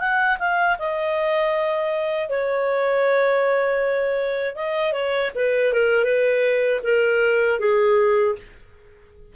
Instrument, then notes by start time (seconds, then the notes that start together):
clarinet
0.00 F#5
0.39 F5
0.79 D#5
2.30 C#5
4.56 D#5
4.93 C#5
5.35 B4
5.73 A#4
6.04 B4
6.84 A#4
7.60 G#4